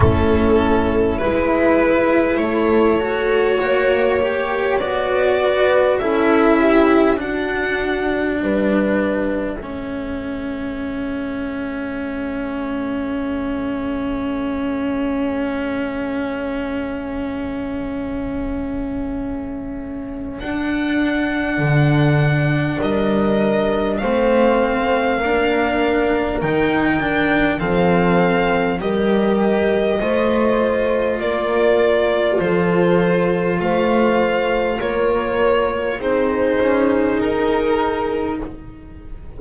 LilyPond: <<
  \new Staff \with { instrumentName = "violin" } { \time 4/4 \tempo 4 = 50 a'4 b'4 cis''2 | d''4 e''4 fis''4 e''4~ | e''1~ | e''1~ |
e''4 fis''2 dis''4 | f''2 g''4 f''4 | dis''2 d''4 c''4 | f''4 cis''4 c''4 ais'4 | }
  \new Staff \with { instrumentName = "horn" } { \time 4/4 e'2 a'4 cis''4~ | cis''8 b'8 a'8 g'8 fis'4 b'4 | a'1~ | a'1~ |
a'2. ais'4 | c''4 ais'2 a'4 | ais'4 c''4 ais'4 a'4 | c''4 ais'4 gis'2 | }
  \new Staff \with { instrumentName = "cello" } { \time 4/4 cis'4 e'4. fis'4 g'8 | fis'4 e'4 d'2 | cis'1~ | cis'1~ |
cis'4 d'2. | c'4 d'4 dis'8 d'8 c'4 | g'4 f'2.~ | f'2 dis'2 | }
  \new Staff \with { instrumentName = "double bass" } { \time 4/4 a4 gis4 a4 ais4 | b4 cis'4 d'4 g4 | a1~ | a1~ |
a4 d'4 d4 g4 | a4 ais4 dis4 f4 | g4 a4 ais4 f4 | a4 ais4 c'8 cis'8 dis'4 | }
>>